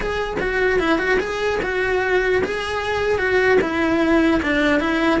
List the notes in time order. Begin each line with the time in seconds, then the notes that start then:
0.00 G#4
0.39 F#4
0.79 E4
0.98 F#4
1.19 G#4
1.62 F#4
2.44 G#4
3.18 F#4
3.61 E4
4.42 D4
4.80 E4